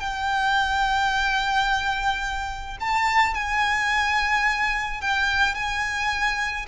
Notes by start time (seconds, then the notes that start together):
0.00 G5
2.81 A5
3.35 G#5
5.02 G5
5.55 G#5